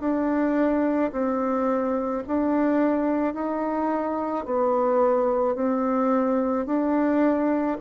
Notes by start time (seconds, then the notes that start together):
0.00 D4
1.12 C4
2.27 D4
3.34 D#4
4.45 B3
5.55 C4
6.66 D4